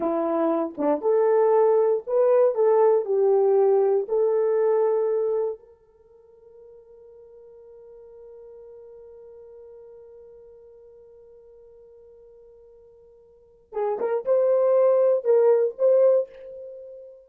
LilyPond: \new Staff \with { instrumentName = "horn" } { \time 4/4 \tempo 4 = 118 e'4. d'8 a'2 | b'4 a'4 g'2 | a'2. ais'4~ | ais'1~ |
ais'1~ | ais'1~ | ais'2. gis'8 ais'8 | c''2 ais'4 c''4 | }